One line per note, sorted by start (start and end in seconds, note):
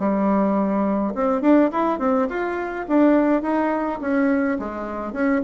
0.00 1.14 G3
1.15 1.42 C4
1.42 1.71 D4
1.72 1.99 E4
1.99 2.28 C4
2.29 2.86 F4
2.89 3.43 D4
3.43 4.00 D#4
4.02 4.59 C#4
4.59 5.13 G#3
5.13 5.42 C#4